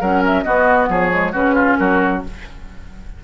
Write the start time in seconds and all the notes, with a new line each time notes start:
0.00 F#3 C#4 A#4 F#5
0.26 E5
0.42 B3 F#4 D#5
0.88 F3 G#4 C#5
1.10 G#3
1.32 C#3 C#4 F#4 B4
1.55 F4
1.76 F#3 F#4 A#4